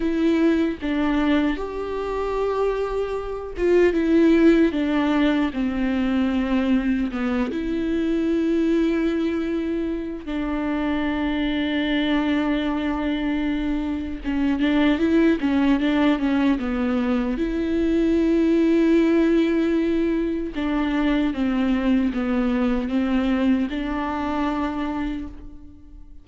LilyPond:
\new Staff \with { instrumentName = "viola" } { \time 4/4 \tempo 4 = 76 e'4 d'4 g'2~ | g'8 f'8 e'4 d'4 c'4~ | c'4 b8 e'2~ e'8~ | e'4 d'2.~ |
d'2 cis'8 d'8 e'8 cis'8 | d'8 cis'8 b4 e'2~ | e'2 d'4 c'4 | b4 c'4 d'2 | }